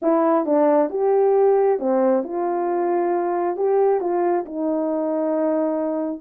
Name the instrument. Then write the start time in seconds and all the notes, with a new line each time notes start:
horn
0.02 E4
0.45 D4
0.90 G4
1.79 C4
2.23 F4
3.56 G4
4.00 F4
4.45 D#4